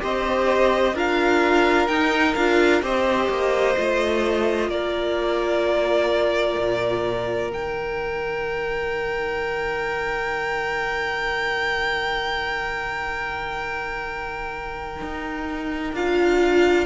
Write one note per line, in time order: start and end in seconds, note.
0.00 0.94 C4
0.00 0.94 G4
0.00 0.95 C5
0.00 0.97 D#5
0.94 1.88 D4
0.94 1.89 F4
0.94 2.82 A#4
0.94 1.88 F5
1.88 2.35 D#4
1.88 2.38 D#4
1.88 2.34 G5
2.34 2.82 D4
2.34 2.82 F4
2.34 2.81 F5
2.82 3.29 C4
2.82 3.76 G4
2.82 4.70 C5
2.82 4.70 D#5
3.29 3.76 A#3
3.77 4.68 A3
3.77 7.51 F4
4.68 6.56 A#3
4.68 16.86 A#4
4.68 7.51 D5
6.58 7.52 A#2
7.51 15.02 D#3
7.51 15.95 D#4
7.51 15.95 G5
15.02 15.93 D#4
15.93 16.86 D4
15.93 16.86 F4
15.93 16.86 F5